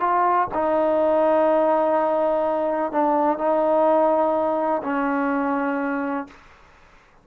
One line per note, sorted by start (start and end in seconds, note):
0.00 0.48 F4
0.54 2.92 D#4
2.92 3.38 D4
3.38 4.82 D#4
4.83 6.27 C#4